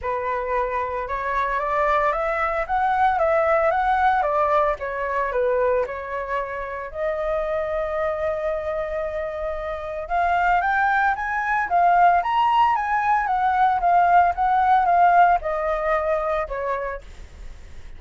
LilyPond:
\new Staff \with { instrumentName = "flute" } { \time 4/4 \tempo 4 = 113 b'2 cis''4 d''4 | e''4 fis''4 e''4 fis''4 | d''4 cis''4 b'4 cis''4~ | cis''4 dis''2.~ |
dis''2. f''4 | g''4 gis''4 f''4 ais''4 | gis''4 fis''4 f''4 fis''4 | f''4 dis''2 cis''4 | }